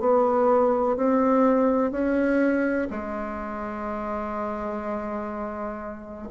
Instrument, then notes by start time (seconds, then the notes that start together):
bassoon
0.00 B3
0.97 C4
1.92 C#4
2.90 G#3